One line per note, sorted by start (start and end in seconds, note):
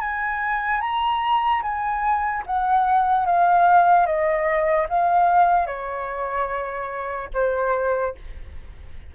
0.00 0.81 G#5
0.81 1.62 A#5
1.62 2.43 G#5
2.46 3.25 F#5
3.25 4.06 F5
4.06 4.87 D#5
4.89 5.66 F5
5.66 7.29 C#5
7.34 8.15 C5